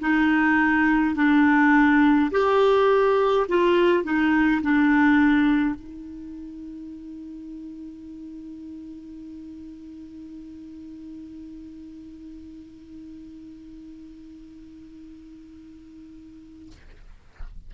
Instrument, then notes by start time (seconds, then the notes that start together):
clarinet
0.00 D#4
1.15 D4
2.31 G4
3.48 F4
4.03 D#4
4.62 D4
5.75 D#4